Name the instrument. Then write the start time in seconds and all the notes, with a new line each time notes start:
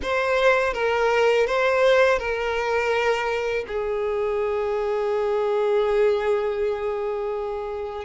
violin
0.02 C5
0.73 A#4
1.46 C5
2.19 A#4
3.67 G#4